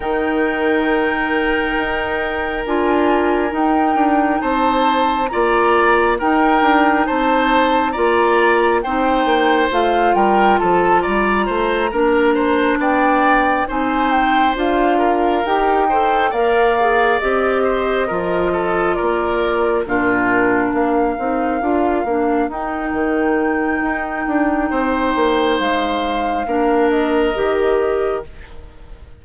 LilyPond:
<<
  \new Staff \with { instrumentName = "flute" } { \time 4/4 \tempo 4 = 68 g''2. gis''4 | g''4 a''4 ais''4 g''4 | a''4 ais''4 g''4 f''8 g''8 | a''8 ais''2 g''4 gis''8 |
g''8 f''4 g''4 f''4 dis''8~ | dis''4. d''4 ais'4 f''8~ | f''4. g''2~ g''8~ | g''4 f''4. dis''4. | }
  \new Staff \with { instrumentName = "oboe" } { \time 4/4 ais'1~ | ais'4 c''4 d''4 ais'4 | c''4 d''4 c''4. ais'8 | a'8 d''8 c''8 ais'8 c''8 d''4 c''8~ |
c''4 ais'4 c''8 d''4. | c''8 ais'8 a'8 ais'4 f'4 ais'8~ | ais'1 | c''2 ais'2 | }
  \new Staff \with { instrumentName = "clarinet" } { \time 4/4 dis'2. f'4 | dis'2 f'4 dis'4~ | dis'4 f'4 dis'4 f'4~ | f'4. d'2 dis'8~ |
dis'8 f'4 g'8 a'8 ais'8 gis'8 g'8~ | g'8 f'2 d'4. | dis'8 f'8 d'8 dis'2~ dis'8~ | dis'2 d'4 g'4 | }
  \new Staff \with { instrumentName = "bassoon" } { \time 4/4 dis2 dis'4 d'4 | dis'8 d'8 c'4 ais4 dis'8 d'8 | c'4 ais4 c'8 ais8 a8 g8 | f8 g8 a8 ais4 b4 c'8~ |
c'8 d'4 dis'4 ais4 c'8~ | c'8 f4 ais4 ais,4 ais8 | c'8 d'8 ais8 dis'8 dis4 dis'8 d'8 | c'8 ais8 gis4 ais4 dis4 | }
>>